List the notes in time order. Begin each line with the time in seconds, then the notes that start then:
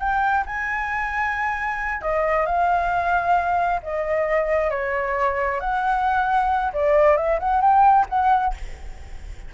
0.00 G5
0.47 G#5
2.02 D#5
2.47 F5
3.83 D#5
4.71 C#5
5.61 F#5
6.74 D5
7.17 E5
7.40 F#5
7.62 G5
8.10 F#5